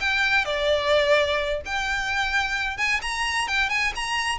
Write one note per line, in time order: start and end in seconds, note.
0.00 0.45 G5
0.45 1.61 D5
1.65 2.78 G5
2.78 3.01 G#5
3.02 3.48 A#5
3.48 3.70 G5
3.70 3.93 G#5
3.96 4.38 A#5